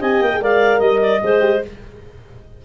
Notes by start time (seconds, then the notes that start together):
0.00 C4 G4 D#5 G#5
0.21 A#3 G5
0.33 G#4
0.41 G#3 A#4 D5 F5
0.79 G3 D#5
1.01 D5
1.23 G#3 G#4 C5
1.41 G4